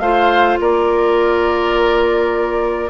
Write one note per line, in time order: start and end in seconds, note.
0.00 0.58 A3
0.00 2.90 F4
0.00 0.60 C5
0.00 0.58 F5
0.60 2.90 A#3
0.60 2.90 A#4
0.60 2.90 D5